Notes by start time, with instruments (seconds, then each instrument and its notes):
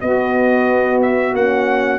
0.00 horn B3, tuba B3, saxophone F#4, trumpet D#5
1.01 trumpet E5
1.33 tuba A#3, horn C#4, trumpet F#5